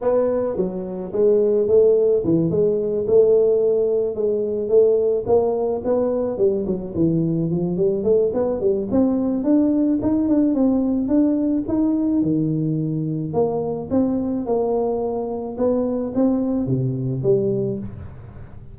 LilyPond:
\new Staff \with { instrumentName = "tuba" } { \time 4/4 \tempo 4 = 108 b4 fis4 gis4 a4 | e8 gis4 a2 gis8~ | gis8 a4 ais4 b4 g8 | fis8 e4 f8 g8 a8 b8 g8 |
c'4 d'4 dis'8 d'8 c'4 | d'4 dis'4 dis2 | ais4 c'4 ais2 | b4 c'4 c4 g4 | }